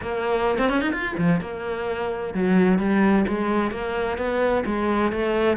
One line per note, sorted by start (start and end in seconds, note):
0.01 0.58 A#3
0.58 0.69 C4
0.69 0.81 C#4
0.81 0.92 D#4
0.92 1.15 F4
1.17 1.40 F3
1.41 2.34 A#3
2.34 2.78 F#3
2.78 3.25 G3
3.27 3.71 G#3
3.71 4.17 A#3
4.17 4.64 B3
4.65 5.12 G#3
5.12 5.57 A3